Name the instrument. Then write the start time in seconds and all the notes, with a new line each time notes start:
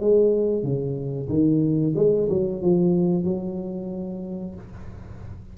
tuba
0.00 G#3
0.63 C#3
1.29 D#3
1.96 G#3
2.29 F#3
2.62 F3
3.24 F#3